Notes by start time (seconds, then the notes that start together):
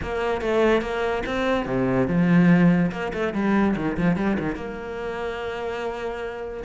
0.02 A#3
0.41 A3
0.81 A#3
1.26 C4
1.66 C3
2.07 F3
2.91 A#3
3.13 A3
3.33 G3
3.76 D#3
3.97 F3
4.16 G3
4.39 D#3
4.55 A#3